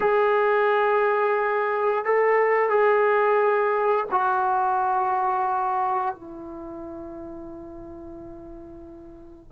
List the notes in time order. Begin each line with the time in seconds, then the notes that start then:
0.00 G#4
2.05 A4
2.69 G#4
4.11 F#4
6.15 E4